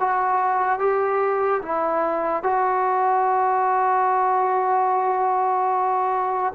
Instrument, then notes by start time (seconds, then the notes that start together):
trombone
0.00 F#4
0.79 G4
1.62 E4
2.43 F#4